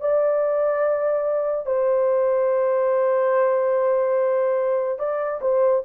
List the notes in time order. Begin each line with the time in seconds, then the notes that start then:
0.00 D5
1.66 C5
4.98 D5
5.41 C5